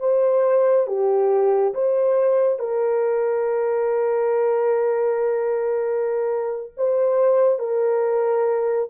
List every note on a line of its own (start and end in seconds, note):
0.00 0.87 C5
0.87 1.74 G4
1.74 2.59 C5
2.59 6.72 A#4
6.77 7.59 C5
7.59 8.90 A#4